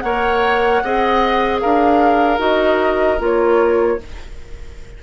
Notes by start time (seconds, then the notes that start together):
0.00 A#3 A#4 C#5 F#5
0.83 C4 G#4 D#5
1.60 D4 A#4 F5
2.38 D#4 F#4 D#5
3.19 A#3 F4 C#5